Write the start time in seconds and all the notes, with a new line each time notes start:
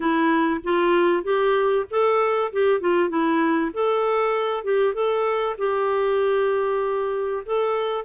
0.00 E4
0.63 F4
1.23 G4
1.90 A4
2.52 G4
2.80 F4
3.09 E4
3.73 A4
4.64 G4
4.94 A4
5.58 G4
7.45 A4